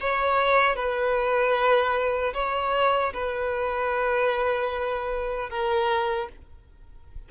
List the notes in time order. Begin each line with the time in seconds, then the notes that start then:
0.00 C#5
0.75 B4
2.34 C#5
3.13 B4
5.49 A#4